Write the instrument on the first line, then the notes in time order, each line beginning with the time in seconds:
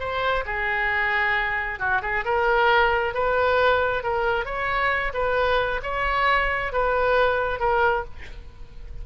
oboe
0.00 C5
0.46 G#4
1.80 F#4
2.03 G#4
2.25 A#4
3.15 B4
4.04 A#4
4.46 C#5
5.14 B4
5.84 C#5
6.73 B4
7.60 A#4